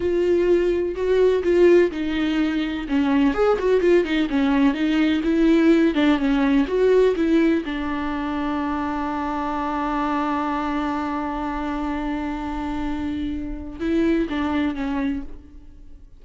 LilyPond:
\new Staff \with { instrumentName = "viola" } { \time 4/4 \tempo 4 = 126 f'2 fis'4 f'4 | dis'2 cis'4 gis'8 fis'8 | f'8 dis'8 cis'4 dis'4 e'4~ | e'8 d'8 cis'4 fis'4 e'4 |
d'1~ | d'1~ | d'1~ | d'4 e'4 d'4 cis'4 | }